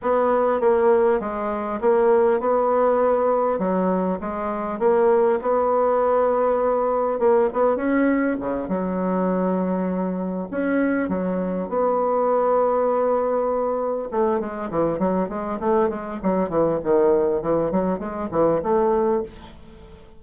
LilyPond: \new Staff \with { instrumentName = "bassoon" } { \time 4/4 \tempo 4 = 100 b4 ais4 gis4 ais4 | b2 fis4 gis4 | ais4 b2. | ais8 b8 cis'4 cis8 fis4.~ |
fis4. cis'4 fis4 b8~ | b2.~ b8 a8 | gis8 e8 fis8 gis8 a8 gis8 fis8 e8 | dis4 e8 fis8 gis8 e8 a4 | }